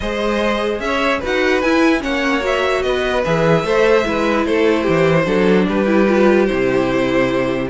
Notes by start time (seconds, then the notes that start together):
0.00 G#3 G#4 C5 D#5
0.79 C#4 C#5 E5
1.19 D#4 F#4 B4
1.26 F#5
1.61 E4 G#5
2.00 A#3 C#4 C#5 F#5
2.40 F#4 E5
2.82 B3 B4 D#5
3.25 E3 G#4 E5
3.64 A3 A4 C5
4.04 G#3 E4 B4
4.45 A3 A4 C5
4.82 E3 G4
5.25 F#3 D4 A4
5.67 G3 G4 B4
5.85 E4
6.07 F4
6.46 C3 E4 C5